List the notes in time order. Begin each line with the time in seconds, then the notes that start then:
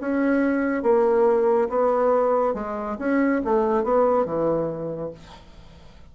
0.00 C#4
0.83 A#3
1.69 B3
2.54 G#3
2.99 C#4
3.44 A3
3.84 B3
4.25 E3